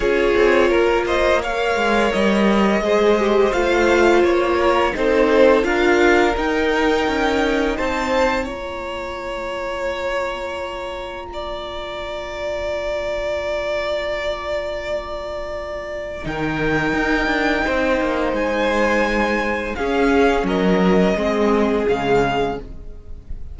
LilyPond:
<<
  \new Staff \with { instrumentName = "violin" } { \time 4/4 \tempo 4 = 85 cis''4. dis''8 f''4 dis''4~ | dis''4 f''4 cis''4 c''4 | f''4 g''2 a''4 | ais''1~ |
ais''1~ | ais''2. g''4~ | g''2 gis''2 | f''4 dis''2 f''4 | }
  \new Staff \with { instrumentName = "violin" } { \time 4/4 gis'4 ais'8 c''8 cis''2 | c''2~ c''8 ais'8 a'4 | ais'2. c''4 | cis''1 |
d''1~ | d''2. ais'4~ | ais'4 c''2. | gis'4 ais'4 gis'2 | }
  \new Staff \with { instrumentName = "viola" } { \time 4/4 f'2 ais'2 | gis'8 g'8 f'2 dis'4 | f'4 dis'2. | f'1~ |
f'1~ | f'2. dis'4~ | dis'1 | cis'2 c'4 gis4 | }
  \new Staff \with { instrumentName = "cello" } { \time 4/4 cis'8 c'8 ais4. gis8 g4 | gis4 a4 ais4 c'4 | d'4 dis'4 cis'4 c'4 | ais1~ |
ais1~ | ais2. dis4 | dis'8 d'8 c'8 ais8 gis2 | cis'4 fis4 gis4 cis4 | }
>>